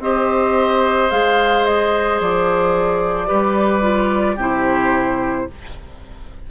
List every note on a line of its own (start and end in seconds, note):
0.00 1.09 C4
0.00 1.11 G4
0.00 3.28 C5
0.00 1.11 D#5
1.11 2.21 G#3
1.11 3.26 G#4
1.11 1.65 F5
1.65 2.20 D#5
2.21 3.30 F3
2.21 4.40 D5
3.26 4.37 G3
3.26 3.81 G4
3.26 4.36 B4
3.82 4.36 F4
4.36 5.46 C3
4.36 5.49 E4
4.36 5.45 G4
4.36 5.51 C5